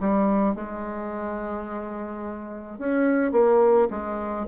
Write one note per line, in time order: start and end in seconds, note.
0.00 0.55 G3
0.55 2.79 G#3
2.79 3.32 C#4
3.32 3.88 A#3
3.90 4.46 G#3